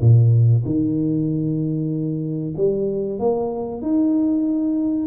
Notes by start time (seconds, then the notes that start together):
0.00 A#2
0.65 D#3
2.56 G3
3.19 A#3
3.82 D#4